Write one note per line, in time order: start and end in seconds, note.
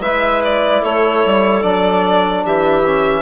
0.00 0.81 G#3
0.00 1.62 E4
0.00 0.82 B4
0.00 0.42 E5
0.44 0.84 D5
0.82 1.24 A3
0.82 2.44 A4
0.82 1.63 C#5
1.25 1.64 G3
1.62 2.45 F#3
1.62 2.83 D4
1.62 2.44 D5
2.45 3.21 E3
2.45 3.21 G4
2.45 3.21 E5
2.86 3.21 C#4